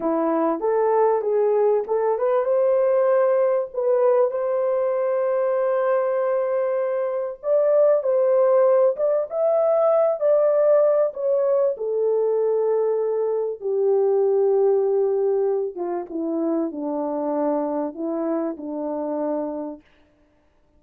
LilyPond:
\new Staff \with { instrumentName = "horn" } { \time 4/4 \tempo 4 = 97 e'4 a'4 gis'4 a'8 b'8 | c''2 b'4 c''4~ | c''1 | d''4 c''4. d''8 e''4~ |
e''8 d''4. cis''4 a'4~ | a'2 g'2~ | g'4. f'8 e'4 d'4~ | d'4 e'4 d'2 | }